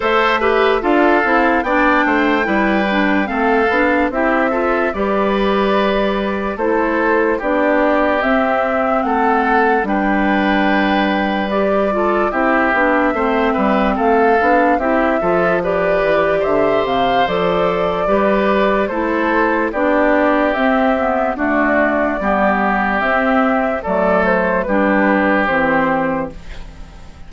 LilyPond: <<
  \new Staff \with { instrumentName = "flute" } { \time 4/4 \tempo 4 = 73 e''4 f''4 g''2 | f''4 e''4 d''2 | c''4 d''4 e''4 fis''4 | g''2 d''4 e''4~ |
e''4 f''4 e''4 d''4 | e''8 f''8 d''2 c''4 | d''4 e''4 d''2 | e''4 d''8 c''8 b'4 c''4 | }
  \new Staff \with { instrumentName = "oboe" } { \time 4/4 c''8 b'8 a'4 d''8 c''8 b'4 | a'4 g'8 a'8 b'2 | a'4 g'2 a'4 | b'2~ b'8 a'8 g'4 |
c''8 b'8 a'4 g'8 a'8 b'4 | c''2 b'4 a'4 | g'2 fis'4 g'4~ | g'4 a'4 g'2 | }
  \new Staff \with { instrumentName = "clarinet" } { \time 4/4 a'8 g'8 f'8 e'8 d'4 e'8 d'8 | c'8 d'8 e'8 f'8 g'2 | e'4 d'4 c'2 | d'2 g'8 f'8 e'8 d'8 |
c'4. d'8 e'8 f'8 g'4~ | g'4 a'4 g'4 e'4 | d'4 c'8 b8 a4 b4 | c'4 a4 d'4 c'4 | }
  \new Staff \with { instrumentName = "bassoon" } { \time 4/4 a4 d'8 c'8 b8 a8 g4 | a8 b8 c'4 g2 | a4 b4 c'4 a4 | g2. c'8 b8 |
a8 g8 a8 b8 c'8 f4 e8 | d8 c8 f4 g4 a4 | b4 c'4 d'4 g4 | c'4 fis4 g4 e4 | }
>>